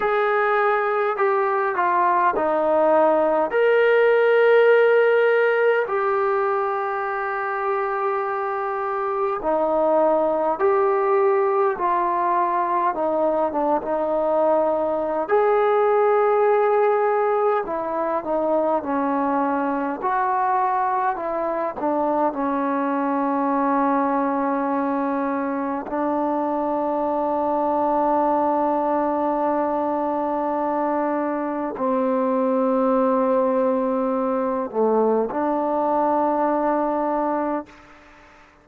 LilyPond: \new Staff \with { instrumentName = "trombone" } { \time 4/4 \tempo 4 = 51 gis'4 g'8 f'8 dis'4 ais'4~ | ais'4 g'2. | dis'4 g'4 f'4 dis'8 d'16 dis'16~ | dis'4 gis'2 e'8 dis'8 |
cis'4 fis'4 e'8 d'8 cis'4~ | cis'2 d'2~ | d'2. c'4~ | c'4. a8 d'2 | }